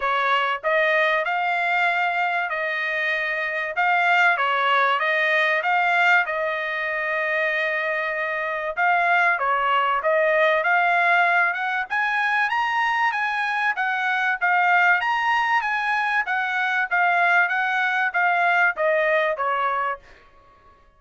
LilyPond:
\new Staff \with { instrumentName = "trumpet" } { \time 4/4 \tempo 4 = 96 cis''4 dis''4 f''2 | dis''2 f''4 cis''4 | dis''4 f''4 dis''2~ | dis''2 f''4 cis''4 |
dis''4 f''4. fis''8 gis''4 | ais''4 gis''4 fis''4 f''4 | ais''4 gis''4 fis''4 f''4 | fis''4 f''4 dis''4 cis''4 | }